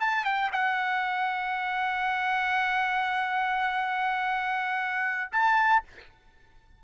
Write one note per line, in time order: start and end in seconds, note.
0.00 0.25 A5
0.25 0.51 G5
0.52 5.31 F#5
5.32 5.83 A5